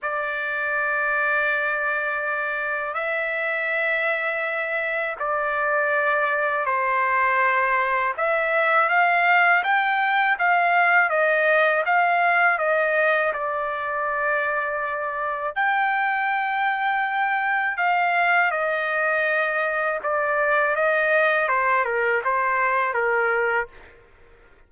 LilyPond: \new Staff \with { instrumentName = "trumpet" } { \time 4/4 \tempo 4 = 81 d''1 | e''2. d''4~ | d''4 c''2 e''4 | f''4 g''4 f''4 dis''4 |
f''4 dis''4 d''2~ | d''4 g''2. | f''4 dis''2 d''4 | dis''4 c''8 ais'8 c''4 ais'4 | }